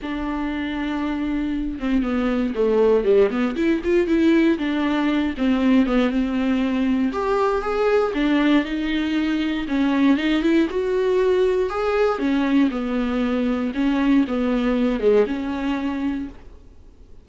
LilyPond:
\new Staff \with { instrumentName = "viola" } { \time 4/4 \tempo 4 = 118 d'2.~ d'8 c'8 | b4 a4 g8 b8 e'8 f'8 | e'4 d'4. c'4 b8 | c'2 g'4 gis'4 |
d'4 dis'2 cis'4 | dis'8 e'8 fis'2 gis'4 | cis'4 b2 cis'4 | b4. gis8 cis'2 | }